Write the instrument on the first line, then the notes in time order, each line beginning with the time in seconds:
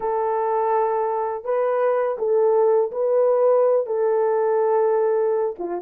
horn
0.00 A4
1.44 B4
2.18 A4
2.91 B4
3.86 A4
5.58 F4